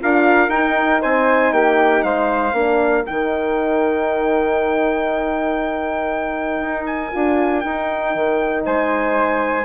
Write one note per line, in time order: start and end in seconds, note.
0.00 0.48 D4
0.00 0.51 F4
0.00 1.01 A#4
0.00 0.50 F5
0.48 0.99 D#4
0.48 2.54 D#4
0.48 1.01 G5
1.01 1.52 C4
1.01 1.52 C5
1.01 1.53 G#5
1.52 2.03 A#3
1.52 2.04 G4
1.52 2.03 G5
2.03 2.53 G#3
2.03 2.55 C5
2.03 3.05 F5
2.53 3.04 A#3
2.53 3.05 D4
2.53 8.65 A#4
3.06 6.60 D#3
3.06 7.12 D#4
3.06 6.86 G5
6.60 7.11 D#4
6.86 7.60 G#5
7.12 7.64 D4
7.12 7.63 F4
7.60 8.15 D#4
7.60 9.65 D#4
7.60 8.62 G5
8.15 8.65 D#3
8.65 9.65 G#3
8.65 9.65 C5
8.65 9.65 G#5